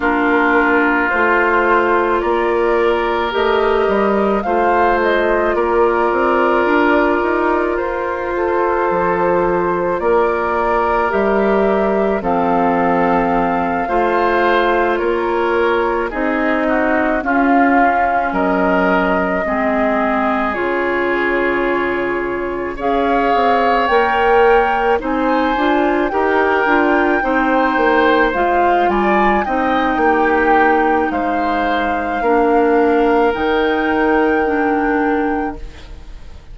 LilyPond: <<
  \new Staff \with { instrumentName = "flute" } { \time 4/4 \tempo 4 = 54 ais'4 c''4 d''4 dis''4 | f''8 dis''8 d''2 c''4~ | c''4 d''4 e''4 f''4~ | f''4. cis''4 dis''4 f''8~ |
f''8 dis''2 cis''4.~ | cis''8 f''4 g''4 gis''4 g''8~ | g''4. f''8 gis''8 g''4. | f''2 g''2 | }
  \new Staff \with { instrumentName = "oboe" } { \time 4/4 f'2 ais'2 | c''4 ais'2~ ais'8 a'8~ | a'4 ais'2 a'4~ | a'8 c''4 ais'4 gis'8 fis'8 f'8~ |
f'8 ais'4 gis'2~ gis'8~ | gis'8 cis''2 c''4 ais'8~ | ais'8 c''4. d''8 dis''8 g'4 | c''4 ais'2. | }
  \new Staff \with { instrumentName = "clarinet" } { \time 4/4 d'4 f'2 g'4 | f'1~ | f'2 g'4 c'4~ | c'8 f'2 dis'4 cis'8~ |
cis'4. c'4 f'4.~ | f'8 gis'4 ais'4 dis'8 f'8 g'8 | f'8 dis'4 f'4 dis'4.~ | dis'4 d'4 dis'4 d'4 | }
  \new Staff \with { instrumentName = "bassoon" } { \time 4/4 ais4 a4 ais4 a8 g8 | a4 ais8 c'8 d'8 dis'8 f'4 | f4 ais4 g4 f4~ | f8 a4 ais4 c'4 cis'8~ |
cis'8 fis4 gis4 cis4.~ | cis8 cis'8 c'8 ais4 c'8 d'8 dis'8 | d'8 c'8 ais8 gis8 g8 c'8 ais4 | gis4 ais4 dis2 | }
>>